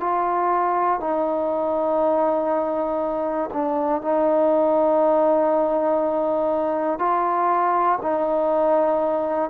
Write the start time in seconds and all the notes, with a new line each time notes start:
0.00 F4
1.00 D#4
3.53 D4
4.01 D#4
6.99 F4
8.02 D#4